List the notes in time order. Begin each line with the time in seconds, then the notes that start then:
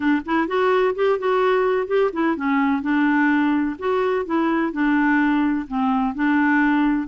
0.00 D4
0.25 E4
0.47 F#4
0.95 G4
1.19 F#4
1.87 G4
2.13 E4
2.36 C#4
2.82 D4
3.78 F#4
4.25 E4
4.72 D4
5.67 C4
6.14 D4